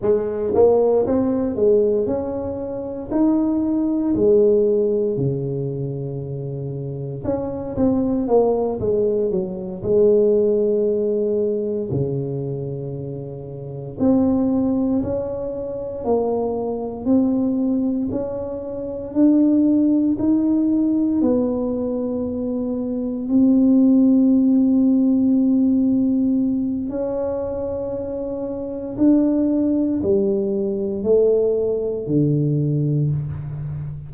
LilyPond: \new Staff \with { instrumentName = "tuba" } { \time 4/4 \tempo 4 = 58 gis8 ais8 c'8 gis8 cis'4 dis'4 | gis4 cis2 cis'8 c'8 | ais8 gis8 fis8 gis2 cis8~ | cis4. c'4 cis'4 ais8~ |
ais8 c'4 cis'4 d'4 dis'8~ | dis'8 b2 c'4.~ | c'2 cis'2 | d'4 g4 a4 d4 | }